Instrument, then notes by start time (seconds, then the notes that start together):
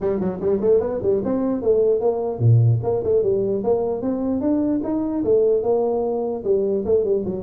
tuba
0.00 G3
0.19 F#3
0.40 G3
0.60 A3
0.80 B3
1.02 G3
1.24 C4
1.61 A3
2.00 A#3
2.38 A#2
2.83 A#3
3.03 A3
3.23 G3
3.63 A#3
4.01 C4
4.40 D4
4.83 D#4
5.23 A3
5.63 A#3
6.44 G3
6.85 A3
7.04 G3
7.25 F#3